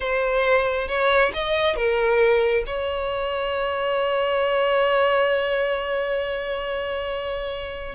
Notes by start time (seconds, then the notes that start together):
0.00 C5
0.87 C#5
1.33 D#5
1.75 A#4
2.66 C#5